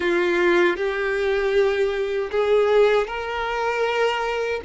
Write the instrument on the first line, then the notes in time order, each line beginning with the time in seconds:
violin
0.00 F4
0.76 G4
2.31 G#4
3.07 A#4